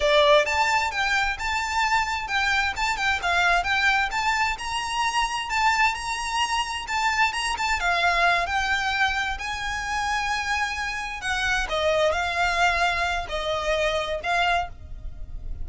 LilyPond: \new Staff \with { instrumentName = "violin" } { \time 4/4 \tempo 4 = 131 d''4 a''4 g''4 a''4~ | a''4 g''4 a''8 g''8 f''4 | g''4 a''4 ais''2 | a''4 ais''2 a''4 |
ais''8 a''8 f''4. g''4.~ | g''8 gis''2.~ gis''8~ | gis''8 fis''4 dis''4 f''4.~ | f''4 dis''2 f''4 | }